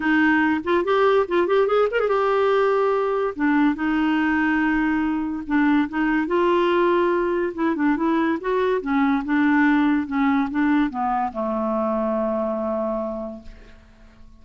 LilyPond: \new Staff \with { instrumentName = "clarinet" } { \time 4/4 \tempo 4 = 143 dis'4. f'8 g'4 f'8 g'8 | gis'8 ais'16 gis'16 g'2. | d'4 dis'2.~ | dis'4 d'4 dis'4 f'4~ |
f'2 e'8 d'8 e'4 | fis'4 cis'4 d'2 | cis'4 d'4 b4 a4~ | a1 | }